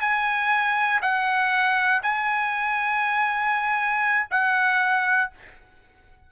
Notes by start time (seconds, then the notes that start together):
0.00 G#5
1.01 F#5
2.02 G#5
4.30 F#5